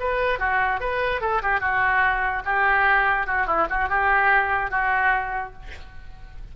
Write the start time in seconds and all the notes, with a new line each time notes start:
0.00 B4
0.39 F#4
0.80 B4
1.21 A4
1.42 G4
1.60 F#4
2.45 G4
3.27 F#4
3.47 E4
3.70 F#4
3.89 G4
4.71 F#4